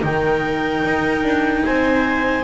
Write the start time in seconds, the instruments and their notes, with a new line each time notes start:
0.00 double bass D#3, cello D#4, viola A#4, clarinet G5
0.84 double bass D#4
1.23 double bass D4
1.65 double bass C4, viola C5, clarinet G#5